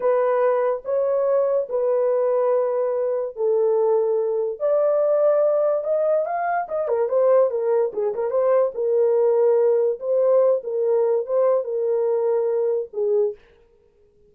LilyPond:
\new Staff \with { instrumentName = "horn" } { \time 4/4 \tempo 4 = 144 b'2 cis''2 | b'1 | a'2. d''4~ | d''2 dis''4 f''4 |
dis''8 ais'8 c''4 ais'4 gis'8 ais'8 | c''4 ais'2. | c''4. ais'4. c''4 | ais'2. gis'4 | }